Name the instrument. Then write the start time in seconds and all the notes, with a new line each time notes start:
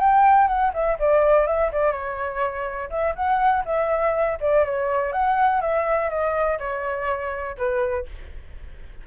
flute
0.00 G5
0.48 F#5
0.74 E5
1.00 D5
1.47 E5
1.73 D5
1.92 C#5
2.90 E5
3.16 F#5
3.66 E5
4.41 D5
4.65 C#5
5.13 F#5
5.62 E5
6.10 D#5
6.59 C#5
7.58 B4